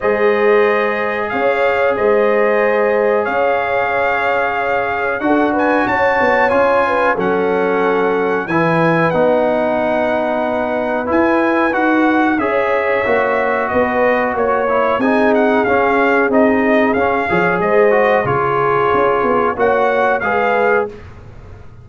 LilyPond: <<
  \new Staff \with { instrumentName = "trumpet" } { \time 4/4 \tempo 4 = 92 dis''2 f''4 dis''4~ | dis''4 f''2. | fis''8 gis''8 a''4 gis''4 fis''4~ | fis''4 gis''4 fis''2~ |
fis''4 gis''4 fis''4 e''4~ | e''4 dis''4 cis''4 gis''8 fis''8 | f''4 dis''4 f''4 dis''4 | cis''2 fis''4 f''4 | }
  \new Staff \with { instrumentName = "horn" } { \time 4/4 c''2 cis''4 c''4~ | c''4 cis''2. | a'8 b'8 cis''4. b'8 a'4~ | a'4 b'2.~ |
b'2. cis''4~ | cis''4 b'4 cis''4 gis'4~ | gis'2~ gis'8 cis''8 c''4 | gis'2 cis''4 b'4 | }
  \new Staff \with { instrumentName = "trombone" } { \time 4/4 gis'1~ | gis'1 | fis'2 f'4 cis'4~ | cis'4 e'4 dis'2~ |
dis'4 e'4 fis'4 gis'4 | fis'2~ fis'8 e'8 dis'4 | cis'4 dis'4 cis'8 gis'4 fis'8 | f'2 fis'4 gis'4 | }
  \new Staff \with { instrumentName = "tuba" } { \time 4/4 gis2 cis'4 gis4~ | gis4 cis'2. | d'4 cis'8 b8 cis'4 fis4~ | fis4 e4 b2~ |
b4 e'4 dis'4 cis'4 | ais4 b4 ais4 c'4 | cis'4 c'4 cis'8 f8 gis4 | cis4 cis'8 b8 ais4 gis4 | }
>>